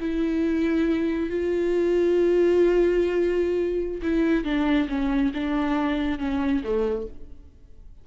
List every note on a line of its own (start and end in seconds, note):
0.00 1.30 E4
1.30 4.02 F4
4.03 4.44 E4
4.44 4.88 D4
4.89 5.32 C#4
5.34 6.19 D4
6.19 6.62 C#4
6.64 7.07 A3